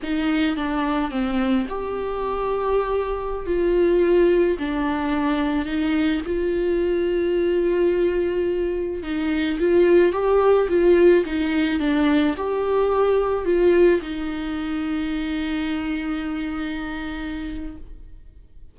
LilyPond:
\new Staff \with { instrumentName = "viola" } { \time 4/4 \tempo 4 = 108 dis'4 d'4 c'4 g'4~ | g'2~ g'16 f'4.~ f'16~ | f'16 d'2 dis'4 f'8.~ | f'1~ |
f'16 dis'4 f'4 g'4 f'8.~ | f'16 dis'4 d'4 g'4.~ g'16~ | g'16 f'4 dis'2~ dis'8.~ | dis'1 | }